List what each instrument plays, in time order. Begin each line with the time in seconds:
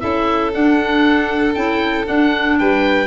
0.00 tuba C#4, clarinet E4, violin A4, oboe E5
0.52 clarinet D4, tuba D4, oboe F#5
1.54 tuba C#4, clarinet E4, oboe G5
2.04 clarinet D4, tuba D4, oboe F#5
2.59 tuba G3, violin B4, oboe G5